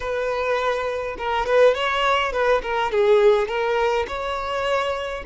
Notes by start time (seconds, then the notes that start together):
0.00 B4
1.18 A#4
1.46 B4
1.74 C#5
2.32 B4
2.62 A#4
2.91 G#4
3.47 A#4
4.07 C#5